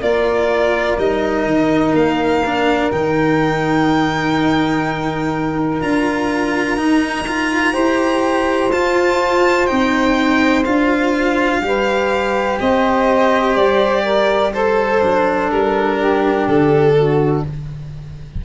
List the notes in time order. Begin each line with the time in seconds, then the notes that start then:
0.00 A#3 F4 A#4 D5
0.98 G3 D#4 D#5
1.46 D#3
1.93 A#3 F5
2.46 D4
2.92 D#3 D#4 G5
5.80 D4 F4 A#5
6.77 D#4
7.28 F4
7.73 E4 G4 C5
8.72 F4 A5
9.67 C4 D#4 G5
10.65 D4 F4 F5
11.61 G3 G4 B4
12.60 C4 C5 D#5
13.56 G3 D5
14.03 A#4
14.52 A4 C5
15.01 F#3 D4
15.51 G3 A#4
15.98 G4
16.48 D3 A4
16.97 F#4